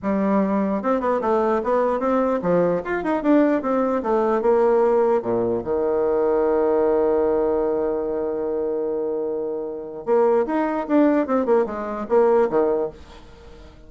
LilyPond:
\new Staff \with { instrumentName = "bassoon" } { \time 4/4 \tempo 4 = 149 g2 c'8 b8 a4 | b4 c'4 f4 f'8 dis'8 | d'4 c'4 a4 ais4~ | ais4 ais,4 dis2~ |
dis1~ | dis1~ | dis4 ais4 dis'4 d'4 | c'8 ais8 gis4 ais4 dis4 | }